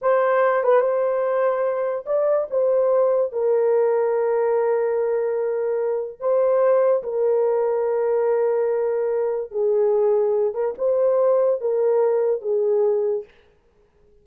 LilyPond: \new Staff \with { instrumentName = "horn" } { \time 4/4 \tempo 4 = 145 c''4. b'8 c''2~ | c''4 d''4 c''2 | ais'1~ | ais'2. c''4~ |
c''4 ais'2.~ | ais'2. gis'4~ | gis'4. ais'8 c''2 | ais'2 gis'2 | }